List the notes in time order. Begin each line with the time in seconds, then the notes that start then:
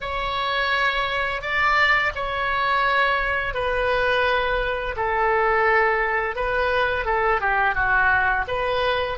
0.00 C#5
1.41 D5
2.15 C#5
3.54 B4
4.96 A4
6.35 B4
7.05 A4
7.41 G4
7.75 F#4
8.47 B4